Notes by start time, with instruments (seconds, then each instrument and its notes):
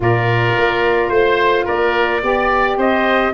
0.00 tuba A#2, saxophone F4, oboe A#4, trumpet D5
0.57 tuba A#3
1.09 tuba A3, trumpet C5, oboe C5
1.65 tuba A#3, oboe A#4, trumpet D5
2.21 tuba B3, saxophone G4, oboe D5
2.77 tuba C4, oboe C5, trumpet D#5